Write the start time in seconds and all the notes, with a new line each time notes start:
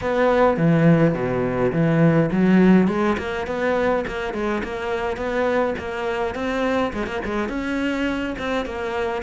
0.01 B3
0.57 E3
1.14 B2
1.72 E3
2.31 F#3
2.87 G#3
3.17 A#3
3.46 B3
4.07 A#3
4.33 G#3
4.63 A#3
5.16 B3
5.78 A#3
6.34 C4
6.93 G#3
7.06 A#3
7.24 G#3
7.48 C#4
8.38 C4
8.65 A#3